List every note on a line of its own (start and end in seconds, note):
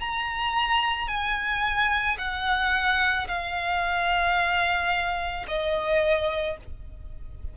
0.00 1.08 A#5
1.08 2.17 G#5
2.18 3.27 F#5
3.27 5.45 F5
5.47 6.57 D#5